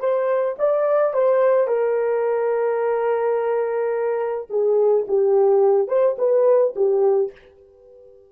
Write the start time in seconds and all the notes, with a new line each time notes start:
0.00 C5
0.59 D5
1.14 C5
1.68 A#4
4.50 G#4
5.08 G4
5.89 C5
6.19 B4
6.76 G4